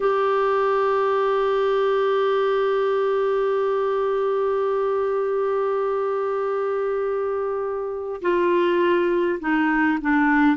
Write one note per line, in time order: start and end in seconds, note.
0.00 8.20 G4
8.21 9.39 F4
9.40 9.98 D#4
10.01 10.56 D4